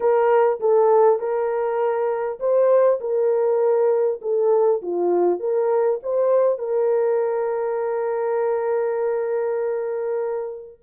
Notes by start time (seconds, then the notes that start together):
0.00 A#4
0.60 A4
1.19 A#4
2.39 C5
3.00 A#4
4.21 A4
4.82 F4
5.39 A#4
6.02 C5
6.58 A#4